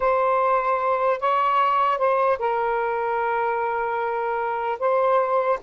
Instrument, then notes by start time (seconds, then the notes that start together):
saxophone
0.00 C5
1.20 C#5
1.98 C5
2.38 A#4
4.79 C5